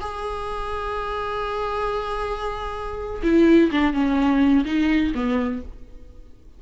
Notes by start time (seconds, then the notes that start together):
0.00 G#4
3.23 E4
3.71 D4
3.93 C#4
4.65 D#4
5.14 B3